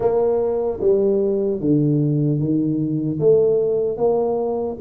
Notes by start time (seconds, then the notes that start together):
0.00 A#3
0.80 G3
1.60 D3
2.39 D#3
3.19 A3
3.97 A#3